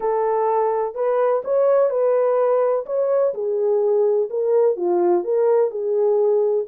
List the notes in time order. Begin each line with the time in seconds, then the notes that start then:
0.00 A4
0.94 B4
1.44 C#5
1.90 B4
2.86 C#5
3.33 G#4
4.29 A#4
4.76 F4
5.24 A#4
5.70 G#4